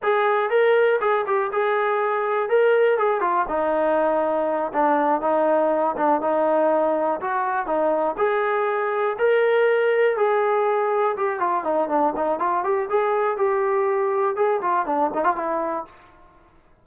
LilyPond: \new Staff \with { instrumentName = "trombone" } { \time 4/4 \tempo 4 = 121 gis'4 ais'4 gis'8 g'8 gis'4~ | gis'4 ais'4 gis'8 f'8 dis'4~ | dis'4. d'4 dis'4. | d'8 dis'2 fis'4 dis'8~ |
dis'8 gis'2 ais'4.~ | ais'8 gis'2 g'8 f'8 dis'8 | d'8 dis'8 f'8 g'8 gis'4 g'4~ | g'4 gis'8 f'8 d'8 dis'16 f'16 e'4 | }